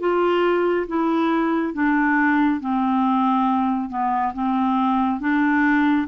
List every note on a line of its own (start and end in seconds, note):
0.00 0.87 F4
0.88 1.74 E4
1.74 2.61 D4
2.61 3.90 C4
3.90 4.33 B3
4.34 5.21 C4
5.21 6.08 D4